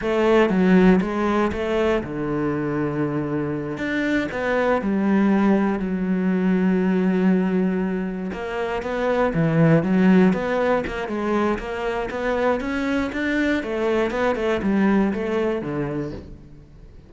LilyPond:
\new Staff \with { instrumentName = "cello" } { \time 4/4 \tempo 4 = 119 a4 fis4 gis4 a4 | d2.~ d8 d'8~ | d'8 b4 g2 fis8~ | fis1~ |
fis8 ais4 b4 e4 fis8~ | fis8 b4 ais8 gis4 ais4 | b4 cis'4 d'4 a4 | b8 a8 g4 a4 d4 | }